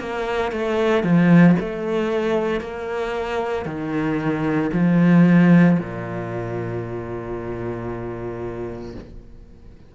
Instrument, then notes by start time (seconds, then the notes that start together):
cello
0.00 A#3
0.52 A3
1.03 F3
1.60 A3
2.61 A#3
3.65 D#3
4.73 F3
5.79 A#2